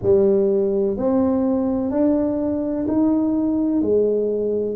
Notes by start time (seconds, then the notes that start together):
0.02 G3
0.97 C4
1.90 D4
2.87 D#4
3.81 G#3